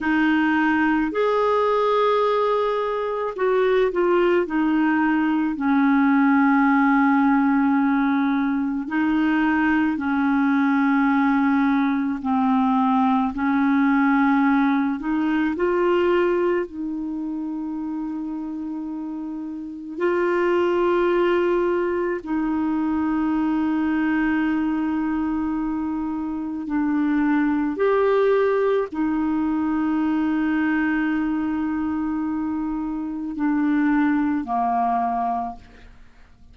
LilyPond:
\new Staff \with { instrumentName = "clarinet" } { \time 4/4 \tempo 4 = 54 dis'4 gis'2 fis'8 f'8 | dis'4 cis'2. | dis'4 cis'2 c'4 | cis'4. dis'8 f'4 dis'4~ |
dis'2 f'2 | dis'1 | d'4 g'4 dis'2~ | dis'2 d'4 ais4 | }